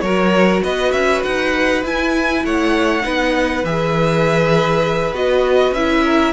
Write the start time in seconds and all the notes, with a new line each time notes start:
0.00 F#3 F#4 A#4 C#5
0.63 B3 B4 D#5
0.91 C#4 E5
1.23 D#4 F#5
1.83 E4 G#5
2.44 A3 C#5 F#5
3.02 B3 D#4 B4
3.63 E3 G#4 E5
5.12 B3 F#4 D#5
5.71 C#4 E4 E5
6.04 A#4